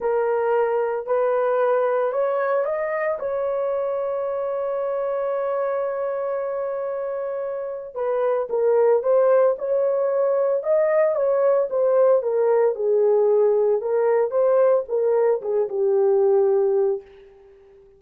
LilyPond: \new Staff \with { instrumentName = "horn" } { \time 4/4 \tempo 4 = 113 ais'2 b'2 | cis''4 dis''4 cis''2~ | cis''1~ | cis''2. b'4 |
ais'4 c''4 cis''2 | dis''4 cis''4 c''4 ais'4 | gis'2 ais'4 c''4 | ais'4 gis'8 g'2~ g'8 | }